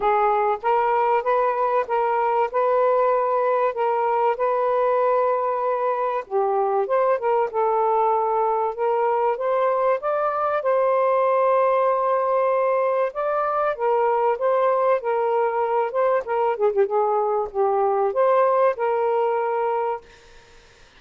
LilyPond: \new Staff \with { instrumentName = "saxophone" } { \time 4/4 \tempo 4 = 96 gis'4 ais'4 b'4 ais'4 | b'2 ais'4 b'4~ | b'2 g'4 c''8 ais'8 | a'2 ais'4 c''4 |
d''4 c''2.~ | c''4 d''4 ais'4 c''4 | ais'4. c''8 ais'8 gis'16 g'16 gis'4 | g'4 c''4 ais'2 | }